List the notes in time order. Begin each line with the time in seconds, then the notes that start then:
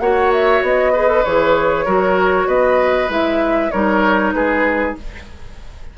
0.00 A#3 F#4 C#5 F#5
0.33 E5
0.63 B3 D#5
0.93 G#4 B4
1.08 A4
1.25 E3 G#4 C#5
1.86 F#3 F#4 A#4
2.48 B3 B4 D#5
3.09 G#3 E4 E5
3.71 G3 D#4 A#4 C#5
4.33 G#3 G#4 B4